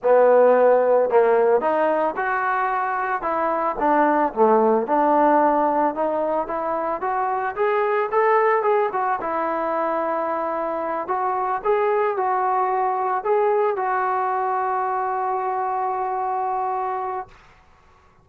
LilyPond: \new Staff \with { instrumentName = "trombone" } { \time 4/4 \tempo 4 = 111 b2 ais4 dis'4 | fis'2 e'4 d'4 | a4 d'2 dis'4 | e'4 fis'4 gis'4 a'4 |
gis'8 fis'8 e'2.~ | e'8 fis'4 gis'4 fis'4.~ | fis'8 gis'4 fis'2~ fis'8~ | fis'1 | }